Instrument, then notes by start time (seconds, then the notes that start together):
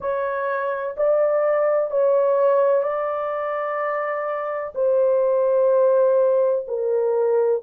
horn
0.00 C#5
0.96 D5
1.90 C#5
2.82 D5
4.74 C5
6.67 A#4